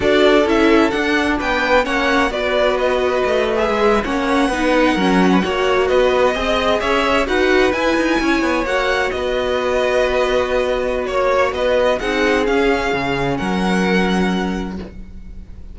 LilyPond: <<
  \new Staff \with { instrumentName = "violin" } { \time 4/4 \tempo 4 = 130 d''4 e''4 fis''4 g''4 | fis''4 d''4 dis''4.~ dis''16 e''16~ | e''8. fis''2.~ fis''16~ | fis''8. dis''2 e''4 fis''16~ |
fis''8. gis''2 fis''4 dis''16~ | dis''1 | cis''4 dis''4 fis''4 f''4~ | f''4 fis''2. | }
  \new Staff \with { instrumentName = "violin" } { \time 4/4 a'2. b'4 | cis''4 b'2.~ | b'8. cis''4 b'4 ais'8. b'16 cis''16~ | cis''8. b'4 dis''4 cis''4 b'16~ |
b'4.~ b'16 cis''2 b'16~ | b'1 | cis''4 b'4 gis'2~ | gis'4 ais'2. | }
  \new Staff \with { instrumentName = "viola" } { \time 4/4 fis'4 e'4 d'2 | cis'4 fis'2~ fis'8. gis'16~ | gis'8. cis'4 dis'4 cis'4 fis'16~ | fis'4.~ fis'16 gis'2 fis'16~ |
fis'8. e'2 fis'4~ fis'16~ | fis'1~ | fis'2 dis'4 cis'4~ | cis'1 | }
  \new Staff \with { instrumentName = "cello" } { \time 4/4 d'4 cis'4 d'4 b4 | ais4 b2 a4 | gis8. ais4 b4 fis4 ais16~ | ais8. b4 c'4 cis'4 dis'16~ |
dis'8. e'8 dis'8 cis'8 b8 ais4 b16~ | b1 | ais4 b4 c'4 cis'4 | cis4 fis2. | }
>>